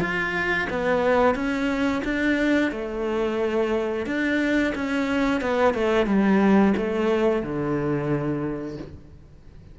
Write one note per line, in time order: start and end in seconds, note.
0.00 0.67 F4
0.70 1.35 B3
1.35 2.02 C#4
2.04 2.72 D4
2.72 4.06 A3
4.06 4.73 D4
4.75 5.41 C#4
5.41 5.74 B3
5.74 6.06 A3
6.06 6.74 G3
6.77 7.42 A3
7.42 8.77 D3